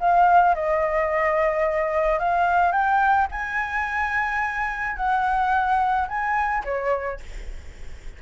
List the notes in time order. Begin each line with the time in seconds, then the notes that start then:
0.00 F5
0.55 D#5
2.19 F5
2.72 G5
3.31 G#5
4.96 F#5
6.08 G#5
6.64 C#5